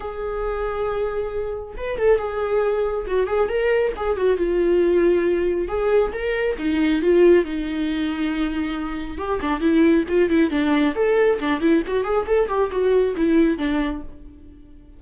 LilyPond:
\new Staff \with { instrumentName = "viola" } { \time 4/4 \tempo 4 = 137 gis'1 | b'8 a'8 gis'2 fis'8 gis'8 | ais'4 gis'8 fis'8 f'2~ | f'4 gis'4 ais'4 dis'4 |
f'4 dis'2.~ | dis'4 g'8 d'8 e'4 f'8 e'8 | d'4 a'4 d'8 e'8 fis'8 gis'8 | a'8 g'8 fis'4 e'4 d'4 | }